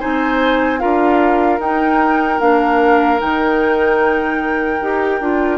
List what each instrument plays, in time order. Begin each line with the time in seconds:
0.00 bassoon C4, clarinet D#4, oboe C5, flute G#5
0.79 bassoon D4, clarinet F4, oboe A#4, flute F5
1.59 bassoon D#4, clarinet D#4, flute G5
2.40 bassoon A#3, clarinet D4, flute F5
3.20 bassoon D#3, clarinet D#4, flute G5
4.81 bassoon D#4, clarinet G4
5.21 bassoon D4, clarinet F4